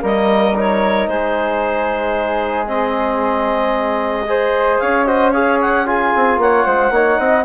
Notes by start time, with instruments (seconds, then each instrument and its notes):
0.00 bassoon G3, trombone A#3, flute A#4, clarinet D#5
0.55 trombone D#4, clarinet C#5
1.07 bassoon G#3, flute G#4, clarinet C5
2.66 trombone C4, clarinet D#5
4.26 trombone G#4, flute C5
4.79 bassoon C#4, flute C#5, clarinet F5
5.04 trombone F#4, flute C5, clarinet D#5
5.32 trombone G#4, flute C#5, clarinet F5
5.61 clarinet F#5
5.86 trombone F4, flute G#4, clarinet G#5
6.14 bassoon C4
6.37 bassoon A#3, flute C#5, clarinet F#5
6.66 bassoon G#3, flute C5
6.90 bassoon A#3, trombone D#4, flute C#5
7.18 bassoon C4, flute D#5